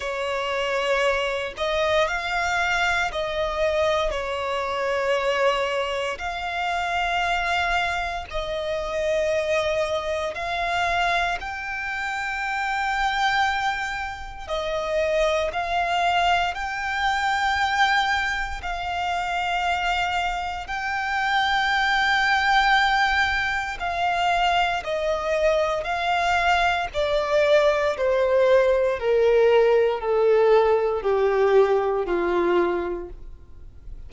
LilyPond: \new Staff \with { instrumentName = "violin" } { \time 4/4 \tempo 4 = 58 cis''4. dis''8 f''4 dis''4 | cis''2 f''2 | dis''2 f''4 g''4~ | g''2 dis''4 f''4 |
g''2 f''2 | g''2. f''4 | dis''4 f''4 d''4 c''4 | ais'4 a'4 g'4 f'4 | }